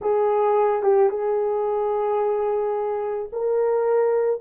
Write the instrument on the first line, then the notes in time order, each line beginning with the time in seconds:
horn
0.01 G#4
0.83 G4
1.09 G#4
3.32 A#4